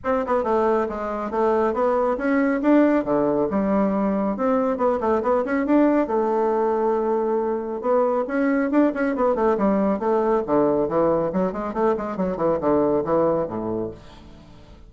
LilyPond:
\new Staff \with { instrumentName = "bassoon" } { \time 4/4 \tempo 4 = 138 c'8 b8 a4 gis4 a4 | b4 cis'4 d'4 d4 | g2 c'4 b8 a8 | b8 cis'8 d'4 a2~ |
a2 b4 cis'4 | d'8 cis'8 b8 a8 g4 a4 | d4 e4 fis8 gis8 a8 gis8 | fis8 e8 d4 e4 a,4 | }